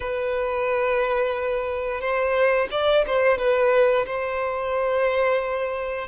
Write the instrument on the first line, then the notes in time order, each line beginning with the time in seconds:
violin
0.00 B4
2.00 C5
2.71 D5
3.06 C5
3.38 B4
4.05 C5